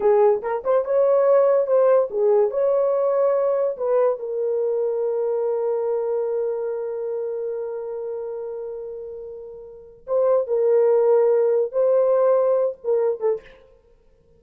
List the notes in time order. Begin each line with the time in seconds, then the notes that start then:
0.00 G#4
0.42 A#4
0.64 C5
0.84 C#5
1.66 C5
2.10 G#4
2.50 C#5
3.77 B4
4.19 A#4
10.06 C5
10.47 A#4
11.72 C5
12.84 A#4
13.20 A4